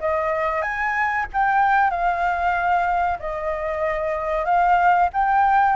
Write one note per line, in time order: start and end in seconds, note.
0.00 0.62 D#5
0.62 1.25 G#5
1.33 1.90 G5
1.90 3.18 F5
3.19 4.45 D#5
4.45 5.09 F5
5.13 5.76 G5